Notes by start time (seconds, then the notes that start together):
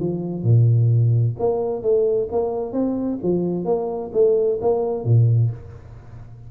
0.00 F3
0.44 A#2
1.40 A#3
1.83 A3
2.32 A#3
2.73 C4
3.23 F3
3.65 A#3
4.14 A3
4.62 A#3
5.05 A#2